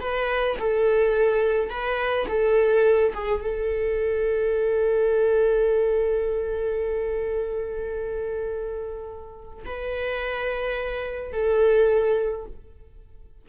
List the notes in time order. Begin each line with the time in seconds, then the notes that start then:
0.00 B4
0.59 A4
1.70 B4
2.28 A4
3.14 G#4
3.41 A4
9.65 B4
11.32 A4